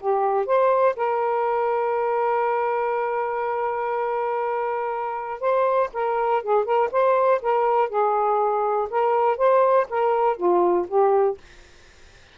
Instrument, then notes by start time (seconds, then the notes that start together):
saxophone
0.00 G4
0.46 C5
0.96 A#4
5.40 C5
5.93 A#4
6.43 G#4
6.65 A#4
6.92 C5
7.41 A#4
7.89 G#4
8.90 A#4
9.37 C5
9.90 A#4
10.37 F4
10.88 G4